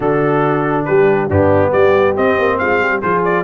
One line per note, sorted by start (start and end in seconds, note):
0.00 0.86 D3
0.00 1.29 D4
0.00 0.85 F#4
0.00 0.85 A4
0.85 1.29 G3
0.85 1.29 G4
0.85 1.28 B4
1.29 1.72 G2
1.29 2.16 B3
1.29 1.69 D4
1.29 1.72 G4
1.69 2.17 G3
1.69 2.56 G4
1.69 2.15 D5
2.16 3.02 C4
2.16 2.38 C4
2.16 2.58 D#5
2.38 2.60 A#3
2.58 2.80 G#3
2.58 2.81 F4
2.58 3.01 F5
2.80 3.02 G3
2.80 3.01 G4
3.01 3.44 F3
3.01 3.44 F4
3.01 3.44 G#4
3.01 3.23 C5
3.24 3.44 D5